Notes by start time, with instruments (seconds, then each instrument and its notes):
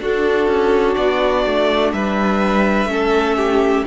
0.00 cello D4, viola D4, violin F#4 A4
0.47 cello C#4
0.96 cello B3, violin D5
1.46 cello A3
1.92 cello G3, violin B4 E5
2.85 cello A3, viola C#4, violin A4
3.37 violin G4